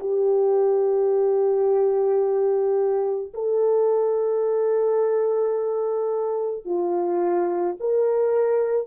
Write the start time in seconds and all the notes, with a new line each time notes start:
0.00 G4
3.34 A4
6.65 F4
7.80 A#4